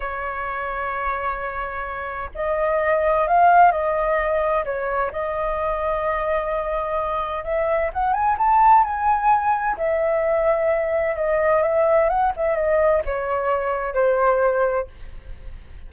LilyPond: \new Staff \with { instrumentName = "flute" } { \time 4/4 \tempo 4 = 129 cis''1~ | cis''4 dis''2 f''4 | dis''2 cis''4 dis''4~ | dis''1 |
e''4 fis''8 gis''8 a''4 gis''4~ | gis''4 e''2. | dis''4 e''4 fis''8 e''8 dis''4 | cis''2 c''2 | }